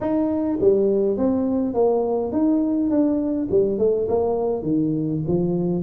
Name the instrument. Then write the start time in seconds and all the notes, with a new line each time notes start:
tuba
0.00 D#4
0.60 G3
1.17 C4
1.74 A#3
2.32 D#4
2.90 D4
3.50 G3
3.78 A3
4.08 A#3
4.62 D#3
5.27 F3